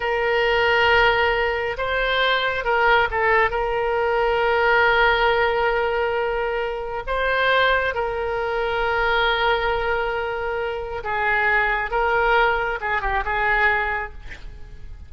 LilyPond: \new Staff \with { instrumentName = "oboe" } { \time 4/4 \tempo 4 = 136 ais'1 | c''2 ais'4 a'4 | ais'1~ | ais'1 |
c''2 ais'2~ | ais'1~ | ais'4 gis'2 ais'4~ | ais'4 gis'8 g'8 gis'2 | }